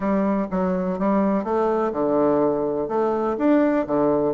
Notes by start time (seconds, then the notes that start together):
0.00 G3
0.50 F#3
0.98 G3
1.44 A3
1.92 D3
2.88 A3
3.37 D4
3.86 D3